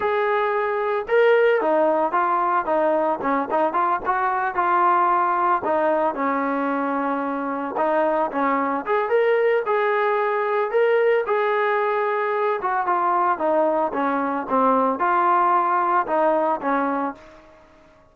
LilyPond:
\new Staff \with { instrumentName = "trombone" } { \time 4/4 \tempo 4 = 112 gis'2 ais'4 dis'4 | f'4 dis'4 cis'8 dis'8 f'8 fis'8~ | fis'8 f'2 dis'4 cis'8~ | cis'2~ cis'8 dis'4 cis'8~ |
cis'8 gis'8 ais'4 gis'2 | ais'4 gis'2~ gis'8 fis'8 | f'4 dis'4 cis'4 c'4 | f'2 dis'4 cis'4 | }